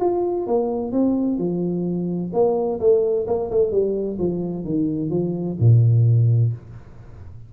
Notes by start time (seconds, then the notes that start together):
0.00 F4
0.47 A#3
0.92 C4
1.38 F3
2.33 A#3
2.79 A3
3.27 A#3
3.51 A3
3.71 G3
4.18 F3
4.64 D#3
5.10 F3
5.59 A#2